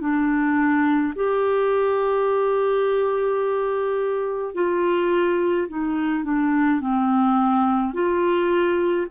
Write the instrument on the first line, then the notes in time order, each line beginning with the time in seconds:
clarinet
0.00 D4
1.15 G4
4.54 F4
5.68 D#4
6.24 D4
6.80 C4
7.93 F4